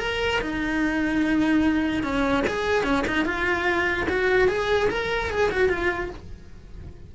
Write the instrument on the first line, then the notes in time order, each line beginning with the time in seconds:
cello
0.00 A#4
0.41 D#4
2.04 C#4
2.48 G#4
2.84 C#4
3.07 D#4
3.26 F4
4.10 F#4
4.48 G#4
4.90 A#4
5.30 G#4
5.52 F#4
5.69 F4